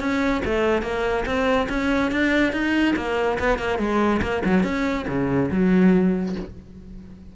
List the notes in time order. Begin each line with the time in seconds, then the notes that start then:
0.00 C#4
0.45 A3
0.83 A#3
1.26 C4
1.69 C#4
2.12 D4
2.53 D#4
2.96 A#3
3.39 B3
3.59 A#3
3.79 G#3
4.22 A#3
4.45 F#3
4.64 C#4
5.08 C#3
5.51 F#3